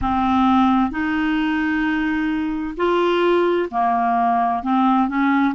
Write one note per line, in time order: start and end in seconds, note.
0.01 0.90 C4
0.90 2.75 D#4
2.77 3.69 F4
3.70 4.62 A#3
4.62 5.08 C4
5.08 5.54 C#4